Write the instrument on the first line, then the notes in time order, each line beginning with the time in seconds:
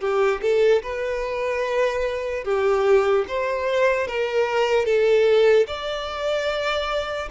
violin
0.00 G4
0.41 A4
0.83 B4
2.44 G4
3.28 C5
4.07 A#4
4.85 A4
5.66 D5